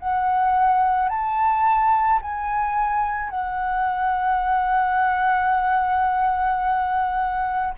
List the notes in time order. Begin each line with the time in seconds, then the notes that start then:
0.00 F#5
1.09 A5
2.22 G#5
3.30 F#5